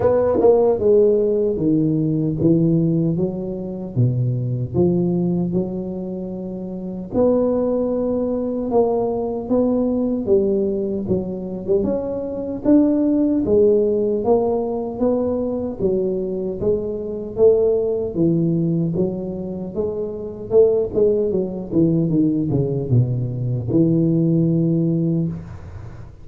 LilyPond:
\new Staff \with { instrumentName = "tuba" } { \time 4/4 \tempo 4 = 76 b8 ais8 gis4 dis4 e4 | fis4 b,4 f4 fis4~ | fis4 b2 ais4 | b4 g4 fis8. g16 cis'4 |
d'4 gis4 ais4 b4 | fis4 gis4 a4 e4 | fis4 gis4 a8 gis8 fis8 e8 | dis8 cis8 b,4 e2 | }